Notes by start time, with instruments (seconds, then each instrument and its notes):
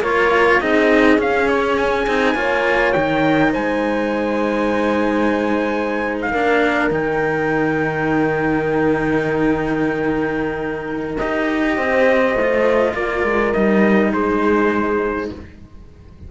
0.00 cello A#3 F4, horn A#4, trumpet C#5
0.60 cello C4 D#4, horn G#4, trumpet D#5
1.18 cello C#4, trumpet F5
1.49 trumpet C#5
1.78 trumpet G#5
2.07 cello C4 D#4
2.35 cello A#3 F4, horn C#5
2.93 cello D#3 D#4, trumpet G5
3.52 cello G#3, horn C5, trumpet G#5
6.22 trumpet F5
6.31 cello A#3 D4, horn A#4
6.91 cello D#3 D#4, trumpet G5
11.18 cello D#4 G4, trumpet D#5
11.77 cello C4, horn C5
12.35 cello A3
12.41 cello F4
12.94 cello A#3, horn A#4, trumpet D5
13.24 cello G#3
13.53 cello G3 D#4, trumpet D#5
14.12 cello G#3, horn G#4, trumpet C5